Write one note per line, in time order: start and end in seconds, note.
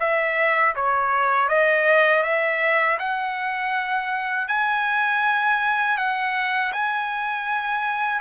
0.00 0.75 E5
0.76 1.49 C#5
1.49 2.23 D#5
2.23 2.98 E5
2.99 4.48 F#5
4.48 5.98 G#5
5.98 6.73 F#5
6.73 8.21 G#5